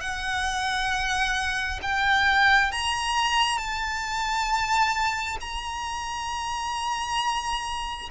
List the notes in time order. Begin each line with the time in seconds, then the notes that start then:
0.00 F#5
1.82 G5
2.72 A#5
3.57 A5
5.40 A#5